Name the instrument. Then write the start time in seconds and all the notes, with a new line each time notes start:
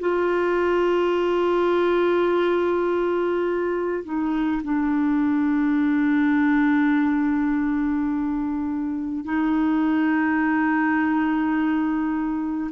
clarinet
0.00 F4
4.04 D#4
4.64 D4
9.25 D#4